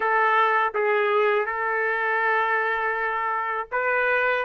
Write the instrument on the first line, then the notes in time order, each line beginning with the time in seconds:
trumpet
0.00 A4
0.74 G#4
1.45 A4
3.71 B4